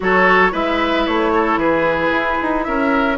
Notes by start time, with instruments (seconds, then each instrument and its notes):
0.00 bassoon F#3, clarinet F#4, oboe A4, flute C#5
0.51 bassoon G#3, clarinet E4, oboe B4, flute E5
1.06 bassoon A3, flute C#5
1.34 oboe A4
1.56 bassoon E3, oboe G#4, flute B4
2.10 bassoon E4
2.41 bassoon D#4
2.63 bassoon C#4, oboe A#4, flute E5